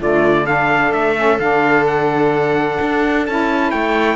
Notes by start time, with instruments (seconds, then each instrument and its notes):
0.00 cello D3, saxophone A3, viola F4, trumpet D5
0.45 saxophone D4, viola A4, trumpet F5
0.92 cello A3, trumpet E5
1.15 saxophone C#4
1.38 cello D3, saxophone D4, trumpet F5
1.86 trumpet F#5
2.81 cello D4
3.26 cello C#4, saxophone E4, trumpet A5
3.70 cello A3, viola C#5, trumpet G5